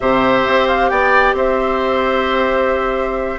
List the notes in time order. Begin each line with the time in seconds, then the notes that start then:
0.00 C3 G4 C5 E5
0.46 C4
0.67 F5
0.89 B3 D5 G5
1.33 C4 C5 E5